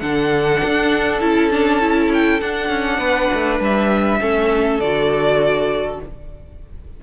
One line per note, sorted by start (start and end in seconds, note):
0.00 0.61 D3
0.00 1.21 D4
0.00 2.99 A4
0.00 1.20 F#5
0.64 1.21 D4
1.21 2.41 C#4
1.21 1.50 E4
1.21 2.11 A5
1.50 1.80 D4
1.80 2.40 E4
2.13 2.41 G5
2.41 4.20 D4
2.41 2.69 D4
2.41 3.60 F#5
2.69 2.98 C#4
2.98 3.28 B3
2.98 4.19 B4
3.33 3.60 A3
3.60 4.20 G3
3.60 4.80 E5
4.20 4.79 A3
4.20 4.80 C#4
4.20 6.00 A4
4.79 5.99 D3
4.79 6.03 F#4
4.79 6.00 D5